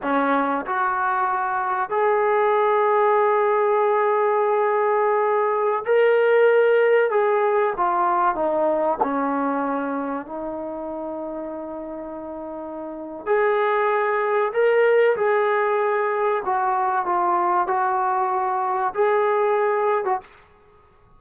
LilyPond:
\new Staff \with { instrumentName = "trombone" } { \time 4/4 \tempo 4 = 95 cis'4 fis'2 gis'4~ | gis'1~ | gis'4~ gis'16 ais'2 gis'8.~ | gis'16 f'4 dis'4 cis'4.~ cis'16~ |
cis'16 dis'2.~ dis'8.~ | dis'4 gis'2 ais'4 | gis'2 fis'4 f'4 | fis'2 gis'4.~ gis'16 fis'16 | }